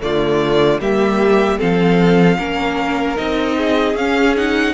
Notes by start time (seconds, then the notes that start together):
0.00 D3 A3 F4 D5
0.80 G3 A#3 G4 E5
1.58 F3 C4 A4 F5
2.38 A#3 C#4 A#4
3.16 C4 D#4 D#5
3.57 G#4
3.94 C#4 F5
4.36 D#4 F#5